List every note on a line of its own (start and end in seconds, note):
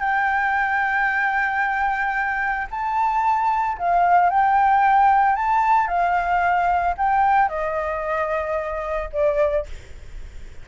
0.00 2.68 G5
2.71 3.78 A5
3.78 4.30 F5
4.30 5.36 G5
5.36 5.88 A5
5.88 6.95 F5
6.98 7.49 G5
7.49 9.10 D#5
9.13 9.67 D5